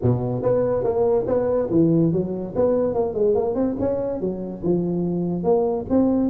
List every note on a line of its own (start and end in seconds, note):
0.02 0.42 B2
0.42 0.83 B3
0.83 1.25 A#3
1.27 1.69 B3
1.70 2.12 E3
2.12 2.54 F#3
2.55 2.94 B3
2.94 3.14 A#3
3.14 3.34 G#3
3.34 3.55 A#3
3.55 3.76 C4
3.79 4.20 C#4
4.20 4.62 F#3
4.63 5.43 F3
5.43 5.85 A#3
5.89 6.29 C4